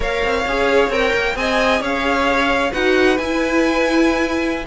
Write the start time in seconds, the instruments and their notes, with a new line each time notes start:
0.00 cello A#3, viola A#4, violin C#5 F5
0.23 cello C4
0.46 cello C#4, viola G#4
0.89 cello C4, viola A#4, violin G5
1.13 cello A#3
1.35 cello C4, viola G#4, violin D#5 G#5
1.80 cello C#4, violin C#5 F5
2.71 cello D#4, viola F#4, violin B4 F#5
3.17 cello E4, viola E4, violin G#5